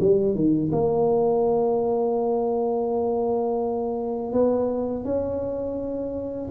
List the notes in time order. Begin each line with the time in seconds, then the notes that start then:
0.00 G3
0.35 D#3
0.72 A#3
4.32 B3
5.04 C#4